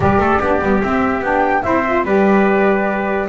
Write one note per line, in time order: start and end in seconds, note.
0.00 0.17 G3
0.00 0.41 G4
0.00 0.20 B4
0.00 0.82 D5
0.17 0.38 A3
0.17 0.40 A4
0.40 0.61 B3
0.40 0.61 D4
0.40 1.63 G4
0.61 0.82 G3
0.61 0.81 B3
0.82 1.23 C4
0.82 1.21 C4
0.82 1.23 E5
1.21 1.62 B3
1.21 1.63 D4
1.21 1.62 G5
1.62 2.04 C4
1.62 1.84 E4
1.62 2.05 C5
1.62 2.03 E5
1.86 2.06 F4
2.04 3.27 G3
2.04 3.28 G4
2.04 3.28 B4
2.04 3.28 D5